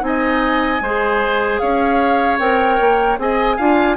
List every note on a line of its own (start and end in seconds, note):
0.00 0.80 C4
0.00 0.79 D#4
0.00 0.82 D#5
0.00 1.58 G#5
0.81 1.60 G#3
0.81 2.39 G#4
0.81 1.61 C5
1.58 2.39 C#4
1.58 3.18 C#5
1.58 2.37 F5
2.39 2.78 C4
2.39 3.18 A#4
2.39 3.18 G5
2.80 3.18 A#3
3.18 3.57 C4
3.18 3.58 G#4
3.18 3.57 D#5
3.18 3.97 G#5
3.57 3.97 D4
3.57 3.97 F4
3.57 3.96 F5